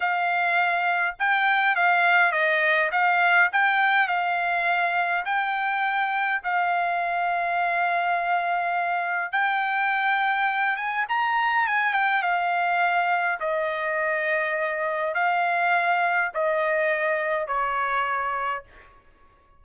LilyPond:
\new Staff \with { instrumentName = "trumpet" } { \time 4/4 \tempo 4 = 103 f''2 g''4 f''4 | dis''4 f''4 g''4 f''4~ | f''4 g''2 f''4~ | f''1 |
g''2~ g''8 gis''8 ais''4 | gis''8 g''8 f''2 dis''4~ | dis''2 f''2 | dis''2 cis''2 | }